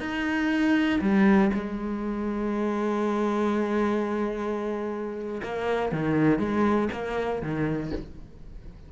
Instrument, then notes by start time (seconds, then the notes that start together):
cello
0.00 D#4
1.01 G3
1.54 G#3
5.43 A#3
5.92 D#3
6.39 G#3
6.92 A#3
7.42 D#3